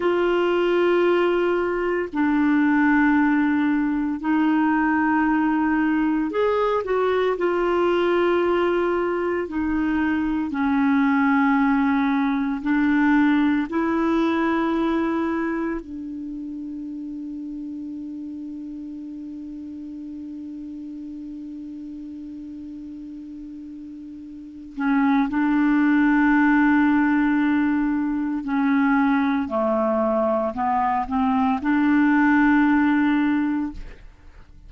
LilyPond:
\new Staff \with { instrumentName = "clarinet" } { \time 4/4 \tempo 4 = 57 f'2 d'2 | dis'2 gis'8 fis'8 f'4~ | f'4 dis'4 cis'2 | d'4 e'2 d'4~ |
d'1~ | d'2.~ d'8 cis'8 | d'2. cis'4 | a4 b8 c'8 d'2 | }